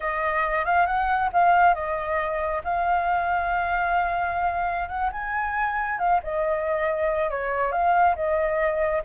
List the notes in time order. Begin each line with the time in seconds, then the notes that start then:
0.00 D#5
0.65 F5
0.86 F#5
1.32 F5
1.74 D#5
2.63 F5
4.88 F#5
5.12 G#5
5.98 F5
6.23 D#5
7.30 C#5
7.72 F5
8.15 D#5